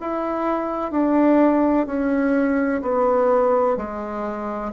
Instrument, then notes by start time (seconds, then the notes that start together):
bassoon
0.00 E4
0.91 D4
1.86 C#4
2.81 B3
3.77 G#3